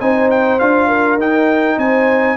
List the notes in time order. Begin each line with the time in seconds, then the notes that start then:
0.00 C4 D#4 C5 G#5
0.31 G5
0.59 D4 F4 F5
0.88 A#4
1.17 D#4 G5
1.78 C4 C5 G#5